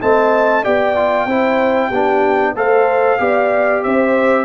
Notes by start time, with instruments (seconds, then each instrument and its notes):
0.00 tuba A3, trombone C4, horn D#5, trumpet A5
0.63 tuba B3, trombone G4, horn D5, trumpet G5
0.95 trombone F4
1.25 tuba C4, trombone E4, horn C5
1.88 tuba B3, trombone D4, horn G4
2.55 tuba A3, trombone A4, horn C5, trumpet F5
3.18 tuba B3, trombone G4, horn D5
3.83 tuba C4, horn C5, trumpet E5